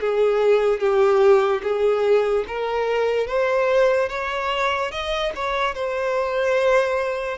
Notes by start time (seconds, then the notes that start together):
0.00 G#4
0.80 G4
1.63 G#4
2.47 A#4
3.27 C5
4.09 C#5
4.91 D#5
5.35 C#5
5.74 C5